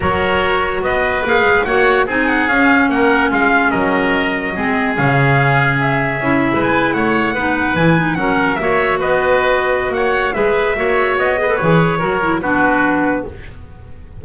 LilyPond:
<<
  \new Staff \with { instrumentName = "trumpet" } { \time 4/4 \tempo 4 = 145 cis''2 dis''4 f''4 | fis''4 gis''8 fis''8 f''4 fis''4 | f''4 dis''2. | f''2 e''2 |
gis''8. fis''2 gis''4 fis''16~ | fis''8. e''4 dis''2~ dis''16 | fis''4 e''2 dis''4 | cis''2 b'2 | }
  \new Staff \with { instrumentName = "oboe" } { \time 4/4 ais'2 b'2 | cis''4 gis'2 ais'4 | f'4 ais'2 gis'4~ | gis'2.~ gis'8. b'16~ |
b'8. cis''4 b'2 ais'16~ | ais'8. cis''4 b'2~ b'16 | cis''4 b'4 cis''4. b'8~ | b'4 ais'4 fis'2 | }
  \new Staff \with { instrumentName = "clarinet" } { \time 4/4 fis'2. gis'4 | fis'4 dis'4 cis'2~ | cis'2. c'4 | cis'2. e'4~ |
e'4.~ e'16 dis'4 e'8 dis'8 cis'16~ | cis'8. fis'2.~ fis'16~ | fis'4 gis'4 fis'4. gis'16 a'16 | gis'4 fis'8 e'8 d'2 | }
  \new Staff \with { instrumentName = "double bass" } { \time 4/4 fis2 b4 ais8 gis8 | ais4 c'4 cis'4 ais4 | gis4 fis2 gis4 | cis2. cis'8. gis16~ |
gis8. a4 b4 e4 fis16~ | fis8. ais4 b2~ b16 | ais4 gis4 ais4 b4 | e4 fis4 b2 | }
>>